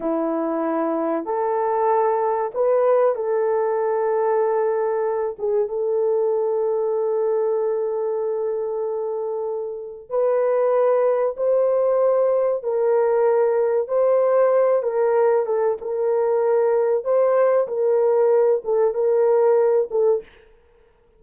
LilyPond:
\new Staff \with { instrumentName = "horn" } { \time 4/4 \tempo 4 = 95 e'2 a'2 | b'4 a'2.~ | a'8 gis'8 a'2.~ | a'1 |
b'2 c''2 | ais'2 c''4. ais'8~ | ais'8 a'8 ais'2 c''4 | ais'4. a'8 ais'4. a'8 | }